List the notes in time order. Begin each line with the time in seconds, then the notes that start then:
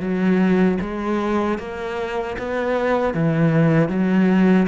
0.00 F#3
0.81 G#3
1.58 A#3
2.38 B3
3.14 E3
3.89 F#3